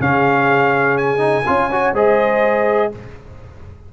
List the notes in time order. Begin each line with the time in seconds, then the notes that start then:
0.00 C#3 C#4 G#4 F5
0.97 G#5
1.18 D#4
1.46 C#4 F4 C#5
1.71 F#4
1.94 G#3 G#4 C5 D#5